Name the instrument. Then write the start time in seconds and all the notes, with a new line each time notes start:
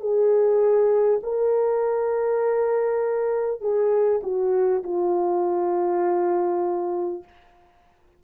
horn
0.00 G#4
1.23 A#4
3.61 G#4
4.23 F#4
4.83 F4